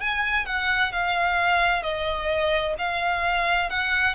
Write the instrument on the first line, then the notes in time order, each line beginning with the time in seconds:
violin
0.00 G#5
0.46 F#5
0.92 F5
1.82 D#5
2.78 F5
3.70 F#5